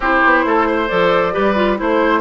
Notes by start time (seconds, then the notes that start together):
0.00 C4 E4 G4 C5
0.24 B3
0.45 A3 A4
0.67 C5
0.87 F3 A4 D5
1.32 G3 G4 B4
1.55 F4
1.77 A3 E4 C5